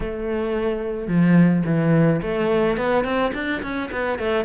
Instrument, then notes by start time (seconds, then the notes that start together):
cello
0.00 A3
1.07 F3
1.65 E3
2.21 A3
2.77 B3
3.04 C4
3.34 D4
3.62 C#4
3.91 B3
4.18 A3